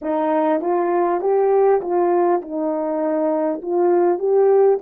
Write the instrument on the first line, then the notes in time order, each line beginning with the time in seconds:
horn
0.01 D#4
0.61 F4
1.21 G4
1.81 F4
2.41 D#4
3.62 F4
4.18 G4